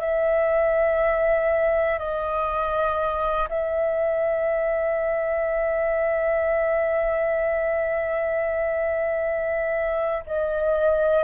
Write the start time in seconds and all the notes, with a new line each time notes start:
0.00 E5
1.99 D#5
3.49 E5
10.26 D#5